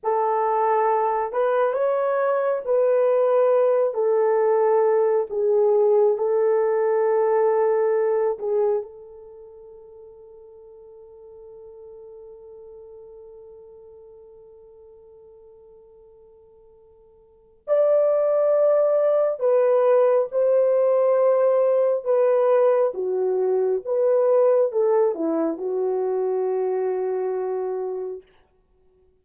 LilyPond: \new Staff \with { instrumentName = "horn" } { \time 4/4 \tempo 4 = 68 a'4. b'8 cis''4 b'4~ | b'8 a'4. gis'4 a'4~ | a'4. gis'8 a'2~ | a'1~ |
a'1 | d''2 b'4 c''4~ | c''4 b'4 fis'4 b'4 | a'8 e'8 fis'2. | }